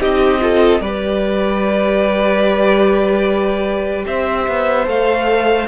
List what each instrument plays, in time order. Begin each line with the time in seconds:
0.00 cello C4, viola D#4, violin G4 D#5
0.41 viola F4, violin A4
0.81 cello G3, viola G4, violin B4 D5
4.07 cello C4, violin C5 E5
4.48 cello B3
4.86 cello A3, viola A4, violin F5